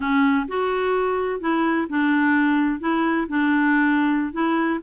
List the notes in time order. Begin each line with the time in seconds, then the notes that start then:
0.00 C#4
0.48 F#4
1.40 E4
1.89 D4
2.80 E4
3.28 D4
4.32 E4